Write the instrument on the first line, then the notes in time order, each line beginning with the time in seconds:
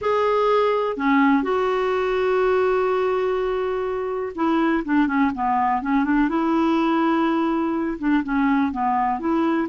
clarinet
0.01 G#4
0.97 C#4
1.42 F#4
4.35 E4
4.84 D4
5.07 C#4
5.34 B3
5.82 C#4
6.04 D4
6.28 E4
7.99 D4
8.23 C#4
8.72 B3
9.19 E4